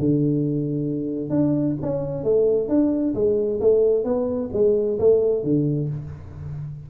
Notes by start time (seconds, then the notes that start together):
0.00 D3
1.30 D4
1.82 C#4
2.24 A3
2.69 D4
3.15 G#3
3.61 A3
4.05 B3
4.54 G#3
4.99 A3
5.44 D3